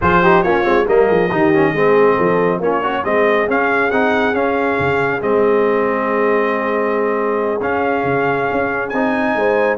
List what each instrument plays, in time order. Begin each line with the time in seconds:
0.01 tuba F3, trombone F4, horn G#4, trumpet C5
0.22 trombone D#4, horn G4
0.42 tuba A#3, trombone C#4, horn F4, trumpet C#5
0.63 tuba G#3, trombone C4
0.86 tuba G3, trombone A#3, horn A#4, trumpet D#5
1.08 tuba F3, horn G#4
1.29 tuba D#3, trombone D#4, horn G4
1.54 trombone C#4
1.72 tuba G#3, trombone C4, horn G#4
2.15 tuba F3, horn A4
2.59 tuba A#3, trombone C#4, horn F4, trumpet C#5
2.81 horn C#4, trombone F#4
3.03 tuba G#3, trombone C4, horn G#4, trumpet D#5
3.47 trombone C#4, tuba C#4, trumpet F5
3.90 tuba C4, trombone D#4, trumpet F#5
4.33 tuba C#4, trombone C#4, trumpet F5
4.79 tuba C#3
5.21 tuba G#3, trombone C4, trumpet D#5
7.60 tuba C#4, trombone C#4, trumpet F5
8.04 tuba C#3
8.51 tuba C#4
8.89 tuba C4, trombone D#4, trumpet G#5
9.35 tuba G#3, horn C5